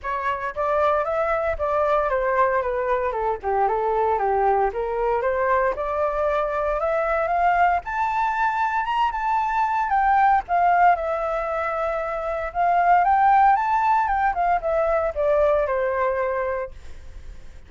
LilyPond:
\new Staff \with { instrumentName = "flute" } { \time 4/4 \tempo 4 = 115 cis''4 d''4 e''4 d''4 | c''4 b'4 a'8 g'8 a'4 | g'4 ais'4 c''4 d''4~ | d''4 e''4 f''4 a''4~ |
a''4 ais''8 a''4. g''4 | f''4 e''2. | f''4 g''4 a''4 g''8 f''8 | e''4 d''4 c''2 | }